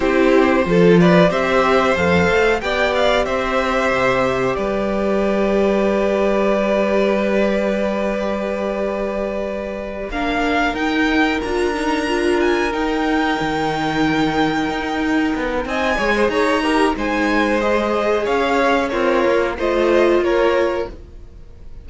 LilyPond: <<
  \new Staff \with { instrumentName = "violin" } { \time 4/4 \tempo 4 = 92 c''4. d''8 e''4 f''4 | g''8 f''8 e''2 d''4~ | d''1~ | d''2.~ d''8 f''8~ |
f''8 g''4 ais''4. gis''8 g''8~ | g''1 | gis''4 ais''4 gis''4 dis''4 | f''4 cis''4 dis''4 cis''4 | }
  \new Staff \with { instrumentName = "violin" } { \time 4/4 g'4 a'8 b'8 c''2 | d''4 c''2 b'4~ | b'1~ | b'2.~ b'8 ais'8~ |
ais'1~ | ais'1 | dis''8 cis''16 c''16 cis''8 ais'8 c''2 | cis''4 f'4 c''4 ais'4 | }
  \new Staff \with { instrumentName = "viola" } { \time 4/4 e'4 f'4 g'4 a'4 | g'1~ | g'1~ | g'2.~ g'8 d'8~ |
d'8 dis'4 f'8 dis'8 f'4 dis'8~ | dis'1~ | dis'8 gis'4 g'8 dis'4 gis'4~ | gis'4 ais'4 f'2 | }
  \new Staff \with { instrumentName = "cello" } { \time 4/4 c'4 f4 c'4 f,8 a8 | b4 c'4 c4 g4~ | g1~ | g2.~ g8 ais8~ |
ais8 dis'4 d'2 dis'8~ | dis'8 dis2 dis'4 b8 | c'8 gis8 dis'4 gis2 | cis'4 c'8 ais8 a4 ais4 | }
>>